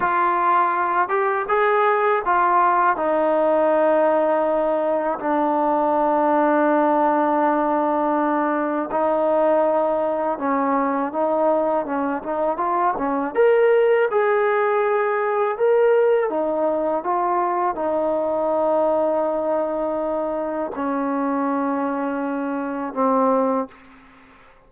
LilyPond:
\new Staff \with { instrumentName = "trombone" } { \time 4/4 \tempo 4 = 81 f'4. g'8 gis'4 f'4 | dis'2. d'4~ | d'1 | dis'2 cis'4 dis'4 |
cis'8 dis'8 f'8 cis'8 ais'4 gis'4~ | gis'4 ais'4 dis'4 f'4 | dis'1 | cis'2. c'4 | }